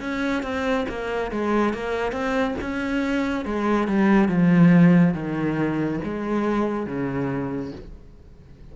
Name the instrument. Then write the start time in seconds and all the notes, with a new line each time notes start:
cello
0.00 C#4
0.43 C4
0.89 A#3
1.31 G#3
1.74 A#3
2.12 C4
2.61 C#4
3.45 G#3
3.88 G3
4.29 F3
5.14 D#3
6.04 G#3
6.86 C#3